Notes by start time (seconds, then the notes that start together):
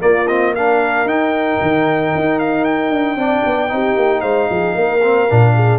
0.00 A#3 F4 D5
0.28 C4 D#5
0.55 D4 A#4 F5
1.05 D#4 G5
1.62 D#3
2.15 D#4
2.39 F5
2.65 G5
2.90 D4
3.16 C4 D4 D5
3.46 B3
3.69 C4 D#4 G4
3.97 A#3
4.21 G#3 C5 F5
4.50 F3 G#4
4.75 A#3 A#4
5.02 C4
5.30 A#2 D4
5.55 G#4